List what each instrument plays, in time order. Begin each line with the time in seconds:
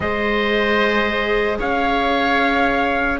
0.00 cello G#3, viola G#4, oboe C5, trumpet D#5
1.58 cello C#4, oboe C#5, trumpet F5